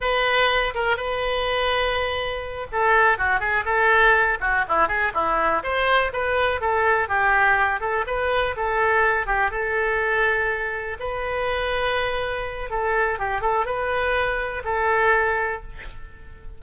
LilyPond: \new Staff \with { instrumentName = "oboe" } { \time 4/4 \tempo 4 = 123 b'4. ais'8 b'2~ | b'4. a'4 fis'8 gis'8 a'8~ | a'4 fis'8 e'8 gis'8 e'4 c''8~ | c''8 b'4 a'4 g'4. |
a'8 b'4 a'4. g'8 a'8~ | a'2~ a'8 b'4.~ | b'2 a'4 g'8 a'8 | b'2 a'2 | }